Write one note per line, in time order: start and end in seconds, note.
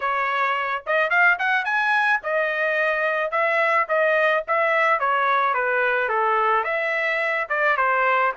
0.00 0.83 C#5
0.86 1.10 D#5
1.10 1.37 F5
1.38 1.64 F#5
1.64 2.20 G#5
2.23 3.31 D#5
3.31 3.86 E5
3.88 4.44 D#5
4.47 4.99 E5
4.99 5.54 C#5
5.54 6.09 B4
6.09 6.64 A4
6.64 7.47 E5
7.49 7.76 D5
7.76 8.32 C5